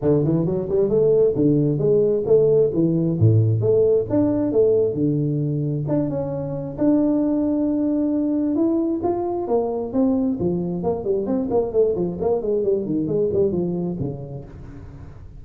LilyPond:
\new Staff \with { instrumentName = "tuba" } { \time 4/4 \tempo 4 = 133 d8 e8 fis8 g8 a4 d4 | gis4 a4 e4 a,4 | a4 d'4 a4 d4~ | d4 d'8 cis'4. d'4~ |
d'2. e'4 | f'4 ais4 c'4 f4 | ais8 g8 c'8 ais8 a8 f8 ais8 gis8 | g8 dis8 gis8 g8 f4 cis4 | }